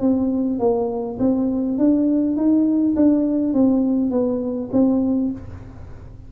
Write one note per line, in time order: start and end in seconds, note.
0.00 0.59 C4
0.59 1.18 A#3
1.19 1.78 C4
1.78 2.36 D4
2.36 2.95 D#4
2.96 3.53 D4
3.53 4.10 C4
4.10 4.69 B3
4.72 5.31 C4